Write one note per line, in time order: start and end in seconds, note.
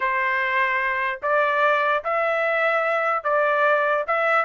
0.00 1.20 C5
1.22 2.03 D5
2.04 3.23 E5
3.23 4.04 D5
4.07 4.45 E5